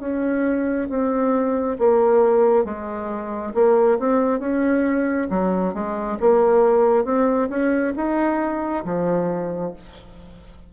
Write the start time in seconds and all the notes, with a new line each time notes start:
0.00 C#4
0.89 C4
1.78 A#3
2.65 G#3
3.54 A#3
3.99 C4
4.40 C#4
5.30 F#3
5.74 G#3
6.20 A#3
7.05 C4
7.50 C#4
7.96 D#4
8.85 F3